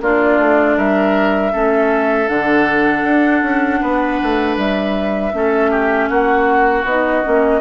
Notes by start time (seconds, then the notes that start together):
0.00 A#3 D4 F4 D5
0.38 A3
0.77 G3 A#4 E5
1.51 A3 C#4 A4
2.27 D3 D4 F#5
3.03 D4
3.42 C#4
3.80 B3 B4
4.22 A3
4.56 G3 E5
5.32 A3 C#4 A4
5.70 G4
6.08 A#3 F#4 F#5
6.84 B3 D#4 D#5
7.23 A#3 C#4